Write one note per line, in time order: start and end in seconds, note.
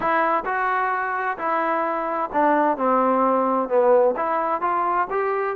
0.00 0.43 E4
0.45 1.37 F#4
1.37 2.30 E4
2.32 2.77 D4
2.77 3.68 C4
3.68 4.15 B3
4.16 4.61 E4
4.61 5.07 F4
5.10 5.56 G4